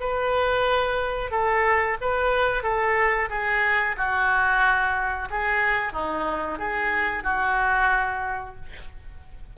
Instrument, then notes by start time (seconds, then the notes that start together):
oboe
0.00 B4
1.31 A4
2.01 B4
2.63 A4
3.30 G#4
3.97 F#4
5.30 G#4
5.93 D#4
6.58 G#4
7.23 F#4